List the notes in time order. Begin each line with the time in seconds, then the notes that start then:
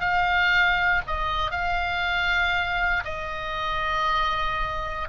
0.00 F5
1.07 D#5
1.51 F5
3.04 D#5